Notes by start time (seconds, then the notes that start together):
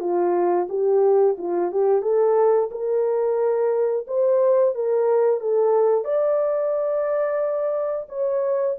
0.00 F4
0.69 G4
1.38 F4
1.72 G4
2.02 A4
2.71 A#4
4.07 C5
4.75 A#4
5.40 A4
6.04 D5
8.09 C#5